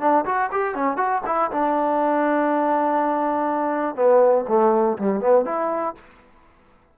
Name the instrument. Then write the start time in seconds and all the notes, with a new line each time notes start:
trombone
0.00 D4
0.25 F#4
0.52 G4
0.74 C#4
0.97 F#4
1.26 E4
1.51 D4
3.96 B3
4.48 A3
4.98 G3
5.20 B3
5.45 E4